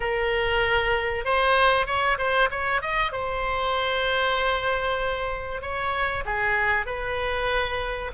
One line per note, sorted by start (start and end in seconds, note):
0.00 1.24 A#4
1.24 1.86 C5
1.86 2.17 C#5
2.18 2.49 C5
2.51 2.81 C#5
2.81 3.12 D#5
3.12 5.61 C5
5.61 6.24 C#5
6.25 6.86 G#4
6.86 8.11 B4